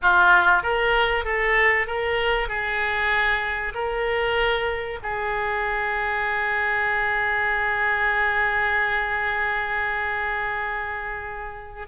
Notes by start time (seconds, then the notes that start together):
0.02 F4
0.62 A#4
1.24 A4
1.86 A#4
2.48 G#4
3.74 A#4
5.02 G#4